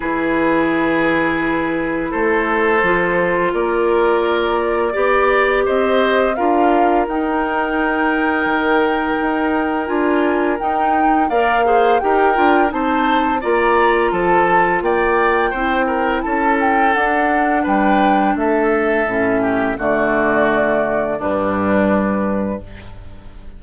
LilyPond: <<
  \new Staff \with { instrumentName = "flute" } { \time 4/4 \tempo 4 = 85 b'2. c''4~ | c''4 d''2. | dis''4 f''4 g''2~ | g''2 gis''4 g''4 |
f''4 g''4 a''4 ais''4 | a''4 g''2 a''8 g''8 | fis''4 g''4 e''2 | d''2 b'2 | }
  \new Staff \with { instrumentName = "oboe" } { \time 4/4 gis'2. a'4~ | a'4 ais'2 d''4 | c''4 ais'2.~ | ais'1 |
d''8 c''8 ais'4 c''4 d''4 | a'4 d''4 c''8 ais'8 a'4~ | a'4 b'4 a'4. g'8 | fis'2 d'2 | }
  \new Staff \with { instrumentName = "clarinet" } { \time 4/4 e'1 | f'2. g'4~ | g'4 f'4 dis'2~ | dis'2 f'4 dis'4 |
ais'8 gis'8 g'8 f'8 dis'4 f'4~ | f'2 e'2 | d'2. cis'4 | a2 g2 | }
  \new Staff \with { instrumentName = "bassoon" } { \time 4/4 e2. a4 | f4 ais2 b4 | c'4 d'4 dis'2 | dis4 dis'4 d'4 dis'4 |
ais4 dis'8 d'8 c'4 ais4 | f4 ais4 c'4 cis'4 | d'4 g4 a4 a,4 | d2 g,2 | }
>>